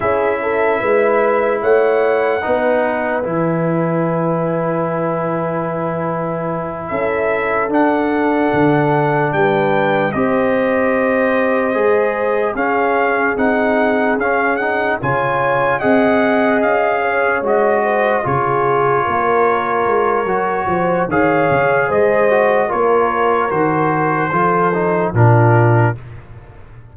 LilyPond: <<
  \new Staff \with { instrumentName = "trumpet" } { \time 4/4 \tempo 4 = 74 e''2 fis''2 | gis''1~ | gis''8 e''4 fis''2 g''8~ | g''8 dis''2. f''8~ |
f''8 fis''4 f''8 fis''8 gis''4 fis''8~ | fis''8 f''4 dis''4 cis''4.~ | cis''2 f''4 dis''4 | cis''4 c''2 ais'4 | }
  \new Staff \with { instrumentName = "horn" } { \time 4/4 gis'8 a'8 b'4 cis''4 b'4~ | b'1~ | b'8 a'2. b'8~ | b'8 c''2. gis'8~ |
gis'2~ gis'8 cis''4 dis''8~ | dis''4 cis''4 c''8 gis'4 ais'8~ | ais'4. c''8 cis''4 c''4 | ais'2 a'4 f'4 | }
  \new Staff \with { instrumentName = "trombone" } { \time 4/4 e'2. dis'4 | e'1~ | e'4. d'2~ d'8~ | d'8 g'2 gis'4 cis'8~ |
cis'8 dis'4 cis'8 dis'8 f'4 gis'8~ | gis'4. fis'4 f'4.~ | f'4 fis'4 gis'4. fis'8 | f'4 fis'4 f'8 dis'8 d'4 | }
  \new Staff \with { instrumentName = "tuba" } { \time 4/4 cis'4 gis4 a4 b4 | e1~ | e8 cis'4 d'4 d4 g8~ | g8 c'2 gis4 cis'8~ |
cis'8 c'4 cis'4 cis4 c'8~ | c'8 cis'4 gis4 cis4 ais8~ | ais8 gis8 fis8 f8 dis8 cis8 gis4 | ais4 dis4 f4 ais,4 | }
>>